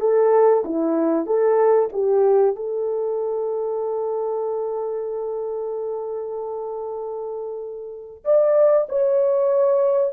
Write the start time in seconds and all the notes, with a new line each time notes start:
0.00 A4
0.65 E4
1.26 A4
1.93 G4
2.56 A4
8.24 D5
8.89 C#5